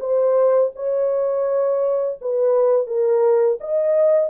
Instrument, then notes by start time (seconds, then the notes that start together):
horn
0.00 C5
0.76 C#5
2.21 B4
2.87 A#4
3.61 D#5